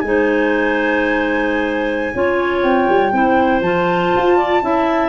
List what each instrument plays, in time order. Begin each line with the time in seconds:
0.00 tuba G#3, clarinet D#4, flute G#5
0.08 clarinet C5
2.15 tuba C#4, clarinet F4 C#5
2.63 tuba C4, flute G5
2.89 tuba G3
3.13 tuba C4, clarinet E4 C5
3.61 tuba F3, clarinet F4, flute A5
4.17 tuba F4
4.37 clarinet D5
4.62 tuba C#4, clarinet E4 E5